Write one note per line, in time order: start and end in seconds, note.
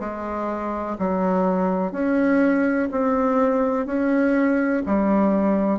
0.00 0.97 G#3
0.99 1.92 F#3
1.92 2.89 C#4
2.91 3.86 C4
3.86 4.83 C#4
4.86 5.79 G3